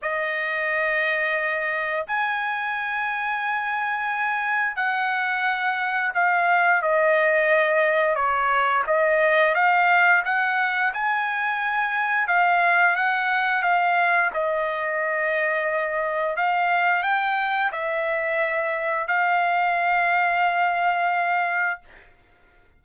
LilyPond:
\new Staff \with { instrumentName = "trumpet" } { \time 4/4 \tempo 4 = 88 dis''2. gis''4~ | gis''2. fis''4~ | fis''4 f''4 dis''2 | cis''4 dis''4 f''4 fis''4 |
gis''2 f''4 fis''4 | f''4 dis''2. | f''4 g''4 e''2 | f''1 | }